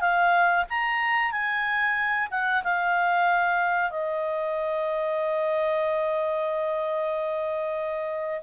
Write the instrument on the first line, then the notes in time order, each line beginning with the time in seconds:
clarinet
0.00 F5
0.70 A#5
1.31 G#5
2.31 F#5
2.63 F5
3.90 D#5